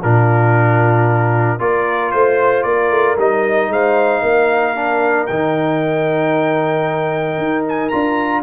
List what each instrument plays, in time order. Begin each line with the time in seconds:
0.00 tuba A#2, trombone D4, horn F4, trumpet A#4
1.59 tuba A#3, trombone F4, horn A#4, trumpet D5
2.11 tuba A3, trumpet C5, horn C5
2.63 tuba A#3, horn A#4, trumpet D5
2.90 tuba A3
3.18 tuba G3, trombone D#4, trumpet D#5
3.69 tuba G#3, horn C5, trumpet F5
4.21 tuba A#3, horn A#4
4.75 trombone D4
5.27 tuba D#3, trombone D#4, trumpet G5
7.38 tuba D#4
7.69 trumpet G#5
7.89 tuba D4, trombone F4, trumpet A#5